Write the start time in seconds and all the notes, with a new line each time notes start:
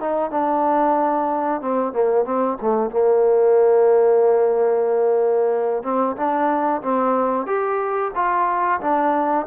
0.00 D#4
0.31 D4
1.61 C4
1.92 A#3
2.25 C4
2.61 A3
2.90 A#3
5.83 C4
6.16 D4
6.82 C4
7.46 G4
8.15 F4
8.81 D4